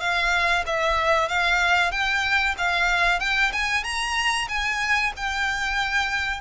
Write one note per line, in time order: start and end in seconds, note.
0.00 0.64 F5
0.66 1.28 E5
1.28 1.91 F5
1.91 2.55 G5
2.58 3.20 F5
3.20 3.52 G5
3.53 3.84 G#5
3.84 4.47 A#5
4.48 5.12 G#5
5.16 6.41 G5